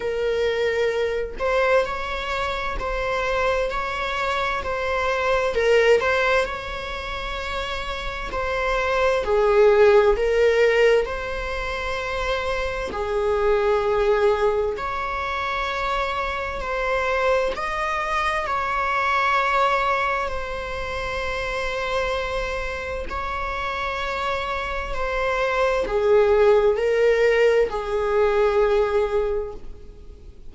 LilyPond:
\new Staff \with { instrumentName = "viola" } { \time 4/4 \tempo 4 = 65 ais'4. c''8 cis''4 c''4 | cis''4 c''4 ais'8 c''8 cis''4~ | cis''4 c''4 gis'4 ais'4 | c''2 gis'2 |
cis''2 c''4 dis''4 | cis''2 c''2~ | c''4 cis''2 c''4 | gis'4 ais'4 gis'2 | }